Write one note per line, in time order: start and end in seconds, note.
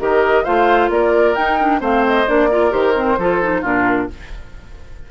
0.00 0.45 D#3
0.00 0.45 G4
0.00 0.44 A#4
0.00 0.44 D#5
0.44 0.89 A3
0.44 1.36 F4
0.44 0.89 C5
0.44 0.90 F5
0.89 1.35 A#3
0.89 1.80 A#4
0.89 1.35 D5
1.35 1.59 D#4
1.35 1.81 D#4
1.35 1.81 G5
1.60 1.80 D4
1.80 2.26 A3
1.80 2.26 C4
1.80 2.49 C5
1.80 2.06 F5
2.07 2.29 D#5
2.26 2.72 A#3
2.26 2.49 D4
2.26 2.73 D5
2.51 2.70 F4
2.51 3.19 A#4
2.70 3.18 D#3
2.70 2.93 G4
2.70 3.64 C5
2.95 3.18 C4
3.18 3.63 F3
3.18 3.42 F4
3.18 3.61 A4
3.42 3.64 D#4
3.61 4.09 A#2
3.61 4.09 D4
3.61 4.07 F4
3.61 4.11 A#4